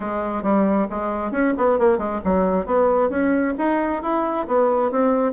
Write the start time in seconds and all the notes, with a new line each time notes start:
0.00 G#3
0.42 G3
0.89 G#3
1.31 C#4
1.57 B3
1.78 A#3
1.98 G#3
2.24 F#3
2.66 B3
3.09 C#4
3.58 D#4
4.02 E4
4.47 B3
4.91 C4